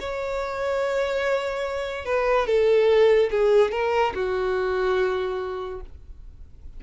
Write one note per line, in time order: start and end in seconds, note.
0.00 2.05 C#5
2.05 2.47 B4
2.47 3.30 A4
3.31 3.72 G#4
3.72 4.13 A#4
4.14 5.81 F#4